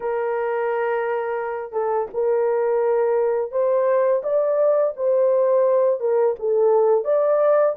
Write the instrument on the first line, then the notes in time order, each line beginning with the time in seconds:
horn
0.00 A#4
1.72 A4
2.13 A#4
3.51 C5
4.23 D5
4.96 C5
6.00 A#4
6.39 A4
7.04 D5